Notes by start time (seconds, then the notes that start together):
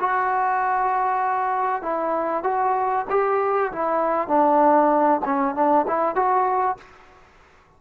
0.00 F#4
1.82 E4
2.43 F#4
3.10 G4
3.72 E4
4.28 D4
5.25 C#4
5.55 D4
5.87 E4
6.15 F#4